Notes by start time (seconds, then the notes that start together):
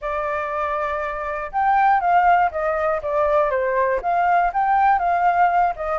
0.01 D5
1.52 G5
2.00 F5
2.51 D#5
3.02 D5
3.50 C5
4.02 F5
4.53 G5
4.98 F5
5.75 D#5